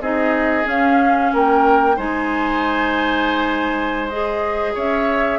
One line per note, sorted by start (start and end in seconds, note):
0.00 0.65 C4
0.00 0.64 D#4
0.00 1.31 G#4
0.00 0.67 D#5
0.64 1.94 C#4
0.64 1.31 C#4
0.64 1.34 F5
1.33 1.98 A#3
1.33 1.96 A#4
1.33 1.99 G5
1.96 4.75 G#3
1.96 4.09 D#4
1.96 4.73 C5
1.96 4.09 G#5
4.09 5.39 G#4
4.09 4.74 D#5
4.74 5.39 C#4
4.74 5.39 C#5
4.74 5.39 E5